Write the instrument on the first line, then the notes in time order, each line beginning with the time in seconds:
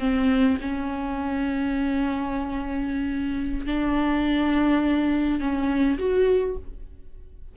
viola
0.00 C4
0.61 C#4
3.67 D4
5.40 C#4
5.99 F#4